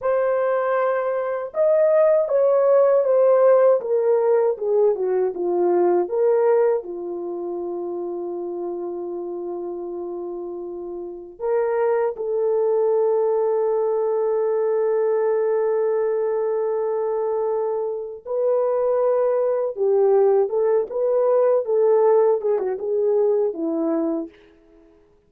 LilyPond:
\new Staff \with { instrumentName = "horn" } { \time 4/4 \tempo 4 = 79 c''2 dis''4 cis''4 | c''4 ais'4 gis'8 fis'8 f'4 | ais'4 f'2.~ | f'2. ais'4 |
a'1~ | a'1 | b'2 g'4 a'8 b'8~ | b'8 a'4 gis'16 fis'16 gis'4 e'4 | }